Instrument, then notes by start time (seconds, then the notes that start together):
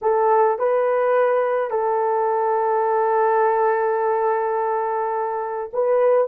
horn
0.01 A4
0.58 B4
1.70 A4
5.73 B4